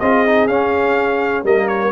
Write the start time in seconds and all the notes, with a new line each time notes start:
0.00 C4 F4 G#4 D#5
0.27 D#4
0.47 C#4 F5
1.44 G3 A#3 A#4 D#5
1.68 C#5